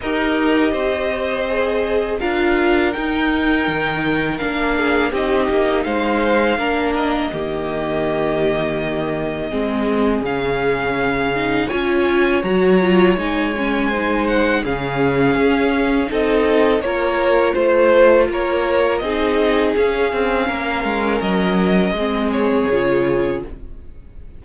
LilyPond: <<
  \new Staff \with { instrumentName = "violin" } { \time 4/4 \tempo 4 = 82 dis''2. f''4 | g''2 f''4 dis''4 | f''4. dis''2~ dis''8~ | dis''2 f''2 |
gis''4 ais''4 gis''4. fis''8 | f''2 dis''4 cis''4 | c''4 cis''4 dis''4 f''4~ | f''4 dis''4. cis''4. | }
  \new Staff \with { instrumentName = "violin" } { \time 4/4 ais'4 c''2 ais'4~ | ais'2~ ais'8 gis'8 g'4 | c''4 ais'4 g'2~ | g'4 gis'2. |
cis''2. c''4 | gis'2 a'4 ais'4 | c''4 ais'4 gis'2 | ais'2 gis'2 | }
  \new Staff \with { instrumentName = "viola" } { \time 4/4 g'2 gis'4 f'4 | dis'2 d'4 dis'4~ | dis'4 d'4 ais2~ | ais4 c'4 cis'4. dis'8 |
f'4 fis'8 f'8 dis'8 cis'8 dis'4 | cis'2 dis'4 f'4~ | f'2 dis'4 cis'4~ | cis'2 c'4 f'4 | }
  \new Staff \with { instrumentName = "cello" } { \time 4/4 dis'4 c'2 d'4 | dis'4 dis4 ais4 c'8 ais8 | gis4 ais4 dis2~ | dis4 gis4 cis2 |
cis'4 fis4 gis2 | cis4 cis'4 c'4 ais4 | a4 ais4 c'4 cis'8 c'8 | ais8 gis8 fis4 gis4 cis4 | }
>>